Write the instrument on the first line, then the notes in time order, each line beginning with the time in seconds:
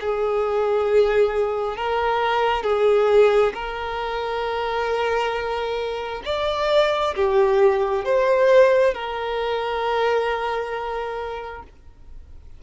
violin
0.00 G#4
1.77 A#4
2.63 G#4
3.53 A#4
6.25 D5
7.15 G4
8.04 C5
8.93 A#4